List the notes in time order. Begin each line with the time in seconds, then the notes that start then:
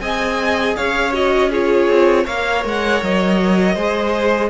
0.00 C4 G#4 D#5 G#5
0.75 C#4 C#5 F5
1.12 F#4 D#5
1.50 F4 G#4 C#5
1.88 C4
2.25 A#3 A#4 C#5 F5
2.64 G#3 F#5
3.02 F#3 D#5
3.75 G#3 G#4 C5